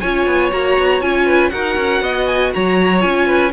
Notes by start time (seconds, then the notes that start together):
0.00 C#4 F4 C#5 G#5
0.26 B3
0.52 A#3 F#4 A#5
0.78 B3
1.01 C#4 F4 G#5
1.26 B4
1.50 D#4 F#4 A#4 F#5
1.76 C#4
2.02 B3 D#5
2.27 G#5
2.53 F#3 C#5 A#5
3.00 C#4 F4 G#5
3.27 B4